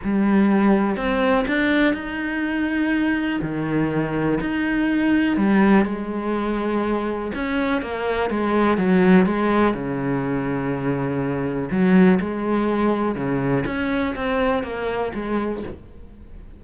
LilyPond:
\new Staff \with { instrumentName = "cello" } { \time 4/4 \tempo 4 = 123 g2 c'4 d'4 | dis'2. dis4~ | dis4 dis'2 g4 | gis2. cis'4 |
ais4 gis4 fis4 gis4 | cis1 | fis4 gis2 cis4 | cis'4 c'4 ais4 gis4 | }